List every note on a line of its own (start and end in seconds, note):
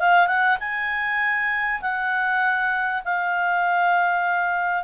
0.00 0.28 F5
0.28 0.58 F#5
0.60 1.81 G#5
1.82 3.03 F#5
3.05 4.84 F5